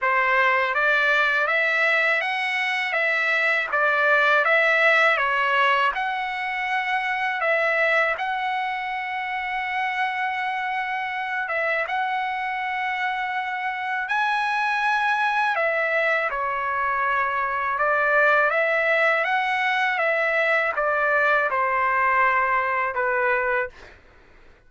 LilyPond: \new Staff \with { instrumentName = "trumpet" } { \time 4/4 \tempo 4 = 81 c''4 d''4 e''4 fis''4 | e''4 d''4 e''4 cis''4 | fis''2 e''4 fis''4~ | fis''2.~ fis''8 e''8 |
fis''2. gis''4~ | gis''4 e''4 cis''2 | d''4 e''4 fis''4 e''4 | d''4 c''2 b'4 | }